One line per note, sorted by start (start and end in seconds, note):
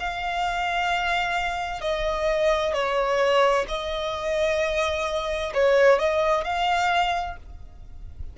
0.00 1.81 F5
1.81 2.73 D#5
2.73 3.65 C#5
3.68 5.53 D#5
5.54 5.99 C#5
5.99 6.44 D#5
6.44 7.37 F5